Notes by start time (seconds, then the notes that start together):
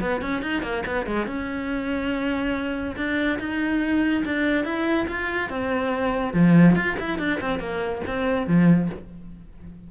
0.00 B3
0.21 C#4
0.42 D#4
0.62 A#3
0.86 B3
1.06 G#3
1.27 C#4
2.96 D4
3.39 D#4
4.25 D4
4.64 E4
5.08 F4
5.49 C4
6.33 F3
6.75 F4
6.99 E4
7.19 D4
7.40 C4
7.59 A#3
8.07 C4
8.47 F3